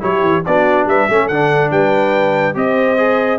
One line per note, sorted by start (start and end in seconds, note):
0.00 0.22 F#3
0.00 0.42 E4
0.00 0.45 G4
0.00 0.45 C#5
0.22 0.43 E3
0.45 0.85 B3
0.45 1.10 D4
0.45 0.87 F#4
0.45 0.87 D5
0.85 1.06 G3
0.85 1.09 B4
0.85 1.28 E5
1.09 1.29 A3
1.09 1.31 C#4
1.09 1.71 A4
1.28 1.71 D3
1.28 2.54 D4
1.28 1.70 F#5
1.71 2.55 G3
1.71 2.55 B4
1.71 2.55 G5
2.54 3.39 C4
2.54 2.96 G4
2.54 3.39 C5
2.54 3.39 D#5
2.97 3.39 G#4